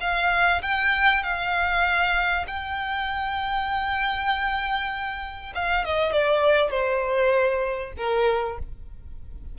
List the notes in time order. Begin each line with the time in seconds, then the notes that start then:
0.00 F5
0.62 G5
1.22 F5
2.47 G5
5.54 F5
5.84 D#5
6.12 D5
6.70 C5
7.97 A#4